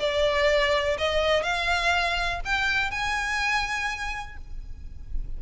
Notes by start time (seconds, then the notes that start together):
0.00 D5
0.98 D#5
1.43 F5
2.45 G5
2.91 G#5